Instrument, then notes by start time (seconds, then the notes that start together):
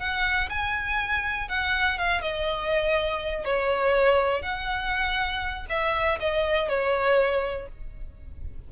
violin
0.00 F#5
0.50 G#5
1.49 F#5
1.99 F5
2.22 D#5
3.45 C#5
4.43 F#5
5.70 E5
6.20 D#5
6.69 C#5